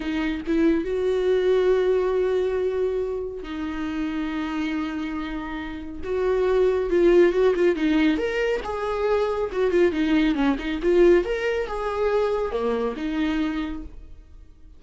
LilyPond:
\new Staff \with { instrumentName = "viola" } { \time 4/4 \tempo 4 = 139 dis'4 e'4 fis'2~ | fis'1 | dis'1~ | dis'2 fis'2 |
f'4 fis'8 f'8 dis'4 ais'4 | gis'2 fis'8 f'8 dis'4 | cis'8 dis'8 f'4 ais'4 gis'4~ | gis'4 ais4 dis'2 | }